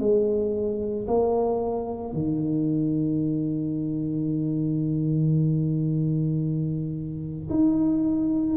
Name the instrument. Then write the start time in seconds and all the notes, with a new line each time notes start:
tuba
0.00 G#3
1.08 A#3
2.14 D#3
7.50 D#4